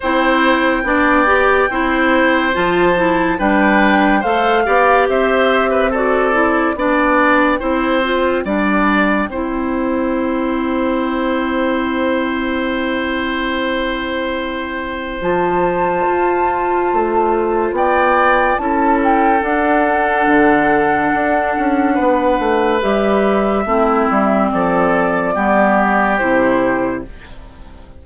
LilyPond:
<<
  \new Staff \with { instrumentName = "flute" } { \time 4/4 \tempo 4 = 71 g''2. a''4 | g''4 f''4 e''4 d''4 | g''1~ | g''1~ |
g''2 a''2~ | a''4 g''4 a''8 g''8 fis''4~ | fis''2. e''4~ | e''4 d''2 c''4 | }
  \new Staff \with { instrumentName = "oboe" } { \time 4/4 c''4 d''4 c''2 | b'4 c''8 d''8 c''8. b'16 a'4 | d''4 c''4 d''4 c''4~ | c''1~ |
c''1~ | c''4 d''4 a'2~ | a'2 b'2 | e'4 a'4 g'2 | }
  \new Staff \with { instrumentName = "clarinet" } { \time 4/4 e'4 d'8 g'8 e'4 f'8 e'8 | d'4 a'8 g'4. fis'8 e'8 | d'4 e'8 f'8 d'4 e'4~ | e'1~ |
e'2 f'2~ | f'2 e'4 d'4~ | d'2. g'4 | c'2 b4 e'4 | }
  \new Staff \with { instrumentName = "bassoon" } { \time 4/4 c'4 b4 c'4 f4 | g4 a8 b8 c'2 | b4 c'4 g4 c'4~ | c'1~ |
c'2 f4 f'4 | a4 b4 cis'4 d'4 | d4 d'8 cis'8 b8 a8 g4 | a8 g8 f4 g4 c4 | }
>>